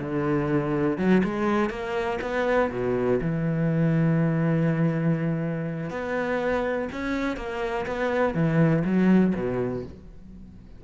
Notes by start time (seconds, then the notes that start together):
0.00 D3
0.98 F#3
1.24 G#3
1.70 A#3
2.22 B3
2.71 B2
3.21 E3
5.91 B3
6.93 C#4
7.37 A#3
7.86 B3
8.35 E3
8.85 F#3
9.35 B2